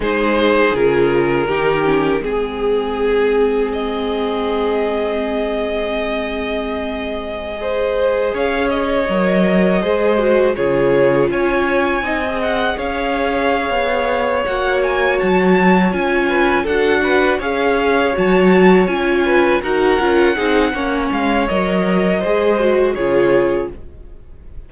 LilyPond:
<<
  \new Staff \with { instrumentName = "violin" } { \time 4/4 \tempo 4 = 81 c''4 ais'2 gis'4~ | gis'4 dis''2.~ | dis''2.~ dis''16 f''8 dis''16~ | dis''2~ dis''16 cis''4 gis''8.~ |
gis''8. fis''8 f''2~ f''16 fis''8 | gis''8 a''4 gis''4 fis''4 f''8~ | f''8 a''4 gis''4 fis''4.~ | fis''8 f''8 dis''2 cis''4 | }
  \new Staff \with { instrumentName = "violin" } { \time 4/4 gis'2 g'4 gis'4~ | gis'1~ | gis'2~ gis'16 c''4 cis''8.~ | cis''4~ cis''16 c''4 gis'4 cis''8.~ |
cis''16 dis''4 cis''2~ cis''8.~ | cis''2 b'8 a'8 b'8 cis''8~ | cis''2 b'8 ais'4 gis'8 | cis''2 c''4 gis'4 | }
  \new Staff \with { instrumentName = "viola" } { \time 4/4 dis'4 f'4 dis'8 cis'8 c'4~ | c'1~ | c'2~ c'16 gis'4.~ gis'16~ | gis'16 ais'4 gis'8 fis'8 f'4.~ f'16~ |
f'16 dis'16 gis'2. fis'8~ | fis'4. f'4 fis'4 gis'8~ | gis'8 fis'4 f'4 fis'8 f'8 dis'8 | cis'4 ais'4 gis'8 fis'8 f'4 | }
  \new Staff \with { instrumentName = "cello" } { \time 4/4 gis4 cis4 dis4 gis4~ | gis1~ | gis2.~ gis16 cis'8.~ | cis'16 fis4 gis4 cis4 cis'8.~ |
cis'16 c'4 cis'4~ cis'16 b4 ais8~ | ais8 fis4 cis'4 d'4 cis'8~ | cis'8 fis4 cis'4 dis'8 cis'8 c'8 | ais8 gis8 fis4 gis4 cis4 | }
>>